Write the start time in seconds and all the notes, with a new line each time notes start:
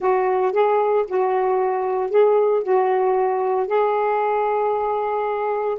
0.00 F#4
0.52 G#4
1.07 F#4
2.10 G#4
2.63 F#4
3.67 G#4